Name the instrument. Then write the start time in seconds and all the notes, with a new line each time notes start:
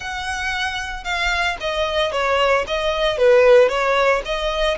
violin
0.00 F#5
1.04 F5
1.60 D#5
2.12 C#5
2.67 D#5
3.17 B4
3.69 C#5
4.25 D#5